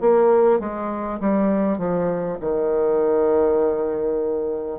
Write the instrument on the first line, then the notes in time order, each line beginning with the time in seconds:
bassoon
0.00 A#3
0.59 G#3
1.20 G3
1.78 F3
2.40 D#3